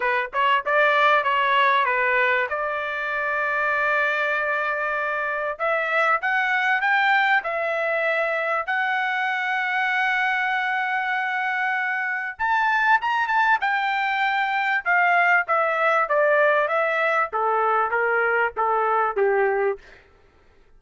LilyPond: \new Staff \with { instrumentName = "trumpet" } { \time 4/4 \tempo 4 = 97 b'8 cis''8 d''4 cis''4 b'4 | d''1~ | d''4 e''4 fis''4 g''4 | e''2 fis''2~ |
fis''1 | a''4 ais''8 a''8 g''2 | f''4 e''4 d''4 e''4 | a'4 ais'4 a'4 g'4 | }